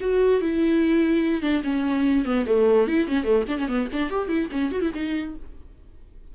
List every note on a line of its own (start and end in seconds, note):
0.00 0.41 F#4
0.41 1.42 E4
1.42 1.62 D4
1.63 2.25 C#4
2.25 2.45 B3
2.46 2.87 A3
2.87 3.07 E4
3.07 3.24 C#4
3.24 3.44 A3
3.48 3.58 D4
3.58 3.68 C#4
3.68 3.88 B3
3.92 4.10 D4
4.10 4.28 G4
4.28 4.49 E4
4.51 4.71 C#4
4.71 4.81 F#4
4.81 4.92 E4
4.94 5.35 D#4